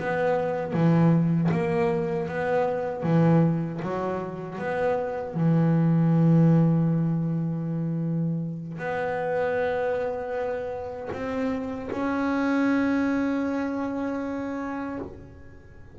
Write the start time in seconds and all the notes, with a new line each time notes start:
0.00 B3
0.73 E3
1.52 A#3
2.28 B3
3.03 E3
3.82 F#3
4.59 B3
5.35 E3
8.78 B3
11.13 C4
11.92 C#4